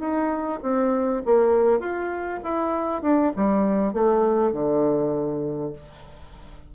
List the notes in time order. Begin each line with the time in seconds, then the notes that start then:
0.00 D#4
0.63 C4
1.26 A#3
1.80 F4
2.44 E4
3.02 D4
3.36 G3
3.94 A3
4.53 D3